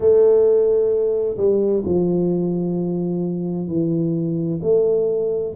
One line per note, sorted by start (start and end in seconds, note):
0.00 1.36 A3
1.37 1.83 G3
1.85 3.67 F3
3.67 4.59 E3
4.62 5.54 A3